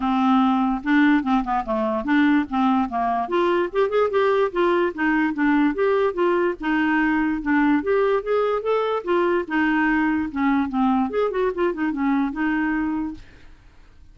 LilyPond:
\new Staff \with { instrumentName = "clarinet" } { \time 4/4 \tempo 4 = 146 c'2 d'4 c'8 b8 | a4 d'4 c'4 ais4 | f'4 g'8 gis'8 g'4 f'4 | dis'4 d'4 g'4 f'4 |
dis'2 d'4 g'4 | gis'4 a'4 f'4 dis'4~ | dis'4 cis'4 c'4 gis'8 fis'8 | f'8 dis'8 cis'4 dis'2 | }